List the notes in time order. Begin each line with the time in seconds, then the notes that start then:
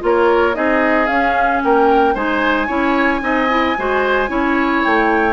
0.00 A#3 F4 A#4 C#5
0.53 C4 D#4 G#4 D#5
1.07 C#4 F5
1.64 A#3 A#4 G5
2.15 G#3 D#4 C5 G#5
2.67 C#4 E4 C#5
3.21 C4 D#4 D#5
3.49 E4
3.78 G#3 F#4 C5
4.27 C#4 E4 C#5
4.84 A3 G5